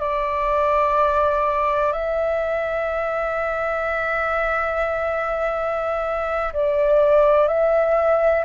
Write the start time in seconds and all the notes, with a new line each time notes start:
0.00 D5
1.93 E5
6.53 D5
7.48 E5